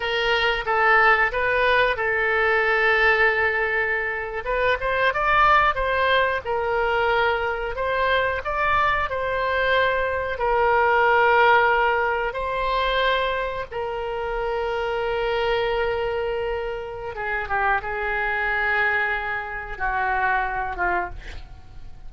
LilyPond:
\new Staff \with { instrumentName = "oboe" } { \time 4/4 \tempo 4 = 91 ais'4 a'4 b'4 a'4~ | a'2~ a'8. b'8 c''8 d''16~ | d''8. c''4 ais'2 c''16~ | c''8. d''4 c''2 ais'16~ |
ais'2~ ais'8. c''4~ c''16~ | c''8. ais'2.~ ais'16~ | ais'2 gis'8 g'8 gis'4~ | gis'2 fis'4. f'8 | }